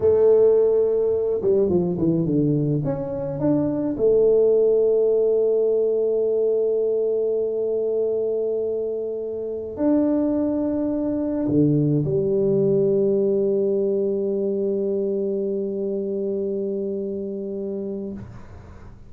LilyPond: \new Staff \with { instrumentName = "tuba" } { \time 4/4 \tempo 4 = 106 a2~ a8 g8 f8 e8 | d4 cis'4 d'4 a4~ | a1~ | a1~ |
a4~ a16 d'2~ d'8.~ | d'16 d4 g2~ g8.~ | g1~ | g1 | }